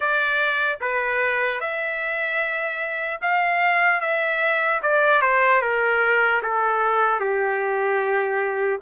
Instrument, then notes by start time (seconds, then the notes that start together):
trumpet
0.00 D5
0.80 B4
1.60 E5
3.21 F5
4.00 E5
4.82 D5
5.21 C5
5.61 A#4
6.42 A4
7.20 G4